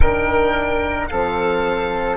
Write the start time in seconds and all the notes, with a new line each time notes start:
0.00 D#3 D4 A#4 G5
1.07 F3 C4 A4 F5